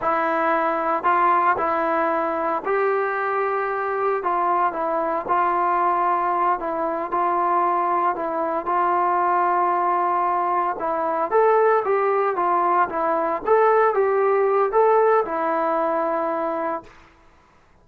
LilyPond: \new Staff \with { instrumentName = "trombone" } { \time 4/4 \tempo 4 = 114 e'2 f'4 e'4~ | e'4 g'2. | f'4 e'4 f'2~ | f'8 e'4 f'2 e'8~ |
e'8 f'2.~ f'8~ | f'8 e'4 a'4 g'4 f'8~ | f'8 e'4 a'4 g'4. | a'4 e'2. | }